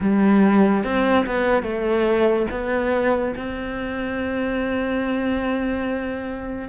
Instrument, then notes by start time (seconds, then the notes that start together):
cello
0.00 G3
0.83 C4
1.25 B3
1.62 A3
2.50 B3
3.36 C4